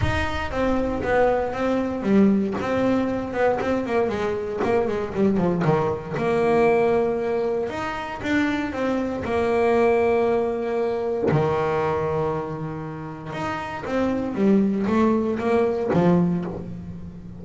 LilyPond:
\new Staff \with { instrumentName = "double bass" } { \time 4/4 \tempo 4 = 117 dis'4 c'4 b4 c'4 | g4 c'4. b8 c'8 ais8 | gis4 ais8 gis8 g8 f8 dis4 | ais2. dis'4 |
d'4 c'4 ais2~ | ais2 dis2~ | dis2 dis'4 c'4 | g4 a4 ais4 f4 | }